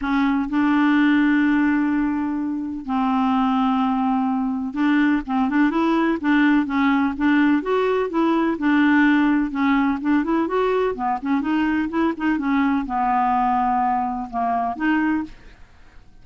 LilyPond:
\new Staff \with { instrumentName = "clarinet" } { \time 4/4 \tempo 4 = 126 cis'4 d'2.~ | d'2 c'2~ | c'2 d'4 c'8 d'8 | e'4 d'4 cis'4 d'4 |
fis'4 e'4 d'2 | cis'4 d'8 e'8 fis'4 b8 cis'8 | dis'4 e'8 dis'8 cis'4 b4~ | b2 ais4 dis'4 | }